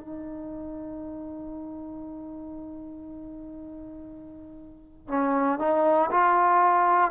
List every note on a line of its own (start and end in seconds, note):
0.00 5.08 D#4
5.08 5.59 C#4
5.59 6.10 D#4
6.11 7.10 F4